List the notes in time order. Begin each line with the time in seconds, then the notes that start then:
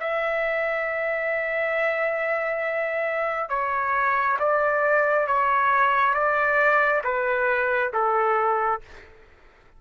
0.00 E5
3.49 C#5
4.39 D5
5.27 C#5
6.14 D5
7.04 B4
7.93 A4